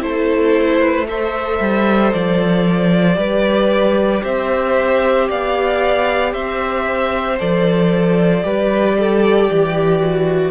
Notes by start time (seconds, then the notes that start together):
0.00 A3 E4 A4 C5
0.81 B4
1.09 A4 C5 E5
1.60 G3
2.13 F3 D5
3.15 G3 G4 B4
4.23 C4 C5 E5
5.29 B3 D5 F5
6.33 C4 C5 E5
7.40 F3 A4 D5
8.43 G3 G4 B4
8.99 A4
9.51 E3 G4
10.00 F#4